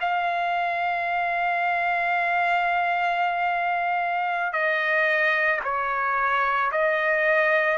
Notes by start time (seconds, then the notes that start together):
0.00 F5
4.53 D#5
5.64 C#5
6.72 D#5